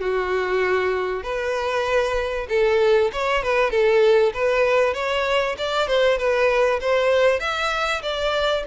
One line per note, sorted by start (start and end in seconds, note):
0.00 1.23 F#4
1.23 2.47 B4
2.49 3.11 A4
3.12 3.43 C#5
3.43 3.70 B4
3.70 4.32 A4
4.34 4.93 B4
4.93 5.55 C#5
5.58 5.87 D5
5.87 6.18 C5
6.18 6.80 B4
6.80 7.40 C5
7.40 8.02 E5
8.02 8.64 D5